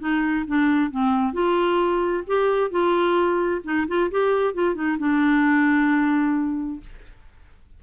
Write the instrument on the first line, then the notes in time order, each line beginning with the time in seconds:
clarinet
0.00 D#4
0.47 D4
0.91 C4
1.33 F4
2.27 G4
2.71 F4
3.64 D#4
3.88 F4
4.11 G4
4.54 F4
4.75 D#4
4.99 D4